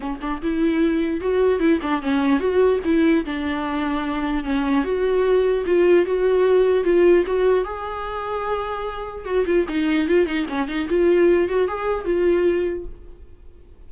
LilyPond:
\new Staff \with { instrumentName = "viola" } { \time 4/4 \tempo 4 = 149 cis'8 d'8 e'2 fis'4 | e'8 d'8 cis'4 fis'4 e'4 | d'2. cis'4 | fis'2 f'4 fis'4~ |
fis'4 f'4 fis'4 gis'4~ | gis'2. fis'8 f'8 | dis'4 f'8 dis'8 cis'8 dis'8 f'4~ | f'8 fis'8 gis'4 f'2 | }